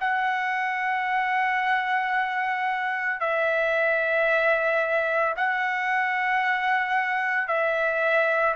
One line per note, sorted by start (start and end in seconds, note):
0.00 3.20 F#5
3.20 5.34 E5
5.36 7.48 F#5
7.48 8.55 E5